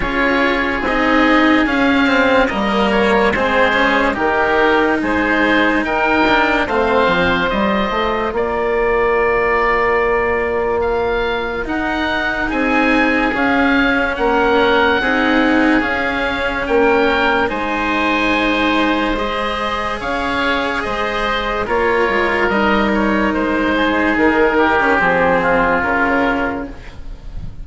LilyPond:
<<
  \new Staff \with { instrumentName = "oboe" } { \time 4/4 \tempo 4 = 72 cis''4 dis''4 f''4 dis''8 cis''8 | c''4 ais'4 c''4 g''4 | f''4 dis''4 d''2~ | d''4 f''4 fis''4 gis''4 |
f''4 fis''2 f''4 | g''4 gis''2 dis''4 | f''4 dis''4 cis''4 dis''8 cis''8 | c''4 ais'4 gis'4 ais'4 | }
  \new Staff \with { instrumentName = "oboe" } { \time 4/4 gis'2. ais'4 | gis'4 g'4 gis'4 ais'4 | c''2 ais'2~ | ais'2. gis'4~ |
gis'4 ais'4 gis'2 | ais'4 c''2. | cis''4 c''4 ais'2~ | ais'8 gis'4 g'4 f'4. | }
  \new Staff \with { instrumentName = "cello" } { \time 4/4 f'4 dis'4 cis'8 c'8 ais4 | c'8 cis'8 dis'2~ dis'8 d'8 | c'4 f'2.~ | f'2 dis'2 |
cis'2 dis'4 cis'4~ | cis'4 dis'2 gis'4~ | gis'2 f'4 dis'4~ | dis'4.~ dis'16 cis'16 c'4 cis'4 | }
  \new Staff \with { instrumentName = "bassoon" } { \time 4/4 cis'4 c'4 cis'4 g4 | gis4 dis4 gis4 dis'4 | a8 f8 g8 a8 ais2~ | ais2 dis'4 c'4 |
cis'4 ais4 c'4 cis'4 | ais4 gis2. | cis'4 gis4 ais8 gis8 g4 | gis4 dis4 f4 cis4 | }
>>